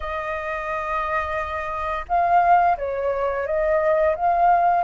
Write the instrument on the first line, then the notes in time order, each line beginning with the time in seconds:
flute
0.00 D#5
2.08 F5
2.77 C#5
3.46 D#5
4.15 F5